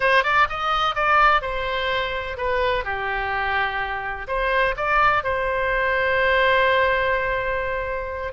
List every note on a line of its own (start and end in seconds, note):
0.00 0.23 C5
0.23 0.47 D5
0.49 0.95 D#5
0.95 1.41 D5
1.41 2.37 C5
2.37 2.84 B4
2.84 4.27 G4
4.27 4.75 C5
4.76 5.23 D5
5.23 8.33 C5